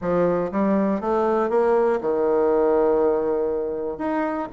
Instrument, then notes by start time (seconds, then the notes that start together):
bassoon
0.01 F3
0.51 G3
1.00 A3
1.49 A#3
2.00 D#3
3.97 D#4